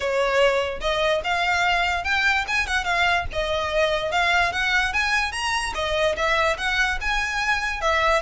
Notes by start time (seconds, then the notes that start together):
0.00 C#5
0.80 D#5
1.23 F5
2.03 G5
2.47 G#5
2.66 F#5
2.84 F5
3.32 D#5
4.11 F5
4.52 F#5
4.93 G#5
5.32 A#5
5.74 D#5
6.16 E5
6.57 F#5
7.00 G#5
7.81 E5